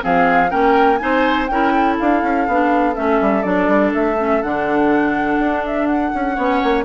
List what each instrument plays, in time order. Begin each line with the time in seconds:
0.00 bassoon F3, clarinet C4, oboe G#4, flute F5
0.49 bassoon A#3, clarinet C#4, oboe A#4, flute G5
0.97 bassoon C4, clarinet D#4, oboe C5, flute G#5
1.47 bassoon C#4, clarinet E4, oboe A#4, flute G5
1.73 oboe A4
1.99 bassoon D4, flute F5
2.23 bassoon C#4
2.47 bassoon B3, clarinet D4
2.95 bassoon A3, clarinet C#4, flute E5
3.21 bassoon G3
3.42 bassoon F#3, clarinet D4, flute D5
3.68 bassoon G3
3.94 bassoon A3, flute E5
4.18 clarinet C#4
4.42 bassoon D3, clarinet D4, flute F#5
5.39 bassoon D4
5.66 flute E5
5.86 flute F#5
6.15 bassoon C#4
6.35 bassoon B3, clarinet C#4, oboe C#5
6.63 bassoon A#3